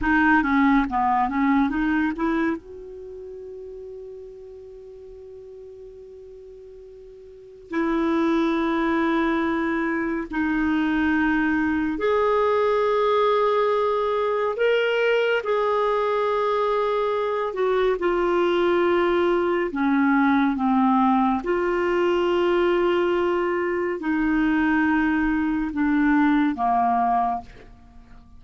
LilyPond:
\new Staff \with { instrumentName = "clarinet" } { \time 4/4 \tempo 4 = 70 dis'8 cis'8 b8 cis'8 dis'8 e'8 fis'4~ | fis'1~ | fis'4 e'2. | dis'2 gis'2~ |
gis'4 ais'4 gis'2~ | gis'8 fis'8 f'2 cis'4 | c'4 f'2. | dis'2 d'4 ais4 | }